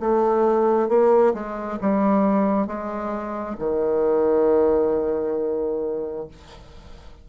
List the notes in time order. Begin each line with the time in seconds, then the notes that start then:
0.00 A3
0.89 A#3
1.34 G#3
1.81 G3
2.67 G#3
3.59 D#3